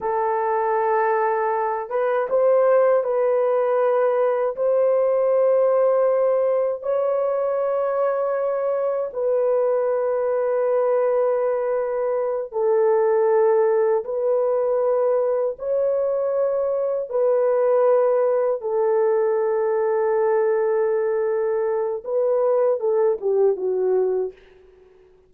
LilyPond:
\new Staff \with { instrumentName = "horn" } { \time 4/4 \tempo 4 = 79 a'2~ a'8 b'8 c''4 | b'2 c''2~ | c''4 cis''2. | b'1~ |
b'8 a'2 b'4.~ | b'8 cis''2 b'4.~ | b'8 a'2.~ a'8~ | a'4 b'4 a'8 g'8 fis'4 | }